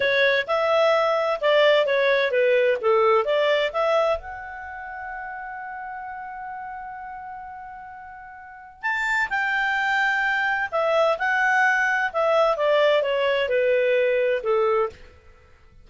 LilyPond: \new Staff \with { instrumentName = "clarinet" } { \time 4/4 \tempo 4 = 129 cis''4 e''2 d''4 | cis''4 b'4 a'4 d''4 | e''4 fis''2.~ | fis''1~ |
fis''2. a''4 | g''2. e''4 | fis''2 e''4 d''4 | cis''4 b'2 a'4 | }